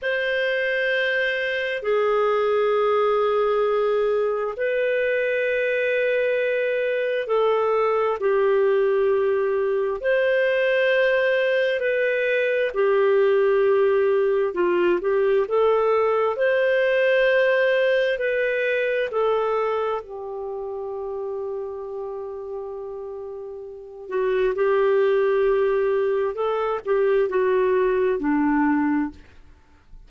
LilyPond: \new Staff \with { instrumentName = "clarinet" } { \time 4/4 \tempo 4 = 66 c''2 gis'2~ | gis'4 b'2. | a'4 g'2 c''4~ | c''4 b'4 g'2 |
f'8 g'8 a'4 c''2 | b'4 a'4 g'2~ | g'2~ g'8 fis'8 g'4~ | g'4 a'8 g'8 fis'4 d'4 | }